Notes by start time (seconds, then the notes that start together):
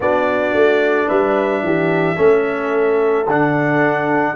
0.00 B3 D4 F#4 D5
0.54 A3
1.07 G3 B4 E5
1.62 E3 G4
2.16 A3 C#4 A4
3.26 D3 D4 F#5